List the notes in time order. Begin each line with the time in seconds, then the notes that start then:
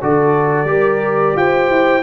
0.00 D3 F#4 A4 D5
0.64 G3 G4 A#4
1.35 F4 C5 G5
1.70 E4